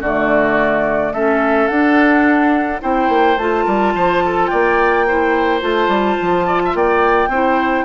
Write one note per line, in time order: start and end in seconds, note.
0.00 1.12 D3
0.00 1.15 A3
0.00 1.12 F#4
0.00 1.12 D5
1.12 1.68 A3
1.12 1.71 C#4
1.12 2.81 A4
1.12 1.67 E5
1.67 2.81 D4
1.67 2.80 D4
1.67 2.79 F#5
2.80 3.09 C4
2.80 3.36 E4
2.80 3.65 C5
2.80 3.37 G5
3.09 3.37 A#3
3.37 3.65 A3
3.37 5.07 F4
3.37 4.46 A5
3.65 3.94 G3
3.65 3.93 A#4
3.94 4.50 F3
3.94 4.23 C5
4.25 4.50 A4
4.46 5.62 A#3
4.46 5.06 D5
4.46 5.59 G5
5.07 5.60 E4
5.07 6.46 C5
5.60 5.87 A3
5.60 7.29 F4
5.60 6.74 A5
5.87 6.15 G3
6.20 6.74 F3
6.46 6.60 D5
6.64 6.76 E5
6.74 7.27 A#3
6.74 7.29 D5
6.74 7.84 G5
7.27 7.83 C4
7.27 7.84 E4
7.27 7.84 C5